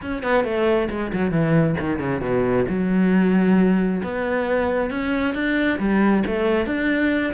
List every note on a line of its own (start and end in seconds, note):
0.01 0.22 C#4
0.22 0.44 B3
0.44 0.88 A3
0.89 1.12 G#3
1.13 1.31 F#3
1.31 1.75 E3
1.79 1.99 D#3
1.99 2.20 C#3
2.20 2.65 B2
2.68 4.02 F#3
4.03 4.90 B3
4.90 5.34 C#4
5.34 5.78 D4
5.79 6.23 G3
6.26 6.66 A3
6.66 7.33 D4